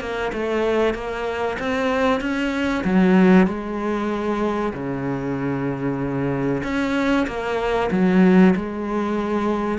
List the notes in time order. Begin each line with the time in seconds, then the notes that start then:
0.00 A#3
0.32 A3
0.94 A#3
1.59 C4
2.20 C#4
2.84 F#3
3.47 G#3
4.73 C#3
6.63 C#4
7.27 A#3
7.91 F#3
8.56 G#3